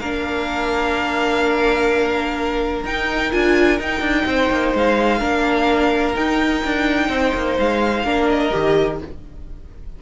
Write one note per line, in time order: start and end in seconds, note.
0.00 2.84 A#3
0.00 2.85 D4
0.00 4.26 A#4
0.00 2.83 F5
2.85 3.32 D#4
2.85 3.31 D#4
2.85 3.32 G5
3.31 3.80 D4
3.31 3.78 F4
3.31 3.79 G#5
3.78 5.20 D#4
3.78 4.01 D#4
3.78 4.76 G5
4.01 4.24 D4
4.26 4.50 C4
4.26 5.19 C5
4.50 4.74 A#3
4.74 5.21 G#3
4.74 6.16 F5
5.19 6.16 A#3
5.19 6.14 D4
5.19 7.08 A#4
6.14 8.03 D#4
6.14 6.63 D#4
6.14 7.57 G5
6.64 7.09 D4
7.09 7.33 C4
7.09 8.05 C5
7.35 7.58 A#3
7.59 8.04 G#3
7.59 8.29 F5
8.04 8.51 A#3
8.04 8.52 D4
8.04 9.00 A#4
8.29 9.00 D#5
8.52 9.02 D#3
8.52 8.99 G4